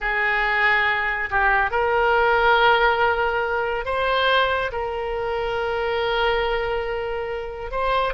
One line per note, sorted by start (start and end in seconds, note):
0.00 1.29 G#4
1.30 1.70 G4
1.70 3.85 A#4
3.85 4.71 C5
4.71 7.71 A#4
7.71 8.14 C5